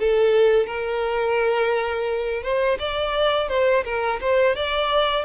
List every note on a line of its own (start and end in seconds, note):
0.00 0.67 A4
0.67 2.43 A#4
2.43 2.79 C5
2.80 3.49 D5
3.49 3.84 C5
3.85 4.20 A#4
4.21 4.56 C5
4.56 5.25 D5